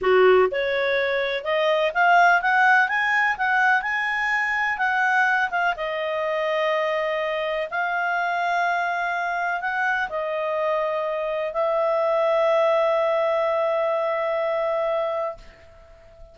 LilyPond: \new Staff \with { instrumentName = "clarinet" } { \time 4/4 \tempo 4 = 125 fis'4 cis''2 dis''4 | f''4 fis''4 gis''4 fis''4 | gis''2 fis''4. f''8 | dis''1 |
f''1 | fis''4 dis''2. | e''1~ | e''1 | }